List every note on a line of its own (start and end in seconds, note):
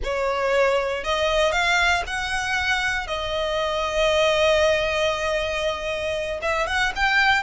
0.03 1.03 C#5
1.03 1.52 D#5
1.52 2.03 F5
2.06 3.07 F#5
3.07 6.40 D#5
6.41 6.67 E5
6.67 6.92 F#5
6.95 7.42 G5